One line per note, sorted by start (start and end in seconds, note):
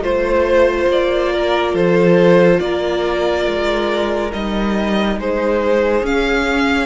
0.00 0.86 A3
0.00 4.30 F4
0.00 0.89 C5
0.00 1.33 C5
0.88 1.74 A#3
0.88 1.76 D5
1.33 1.73 A#4
1.73 2.60 F3
1.73 2.58 A4
1.73 2.60 C5
2.60 3.46 A#3
2.60 5.20 A#4
2.60 4.32 D5
3.46 4.32 G#3
4.32 5.17 G3
4.32 6.04 D#4
4.32 5.20 D#5
5.17 6.03 G#3
5.17 6.86 G#4
5.17 6.06 C5
6.03 6.86 C#4
6.03 6.86 F5